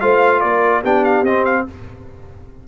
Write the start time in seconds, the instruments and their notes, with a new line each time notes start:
0.00 tuba A3, trombone F4, horn C5, trumpet F5
0.40 tuba A#3, horn A#4, trumpet D5
0.82 tuba B3, trombone D4, horn G4, trumpet G5
1.04 trumpet F5
1.22 tuba C4, trombone C4, trumpet D#5
1.44 trumpet F5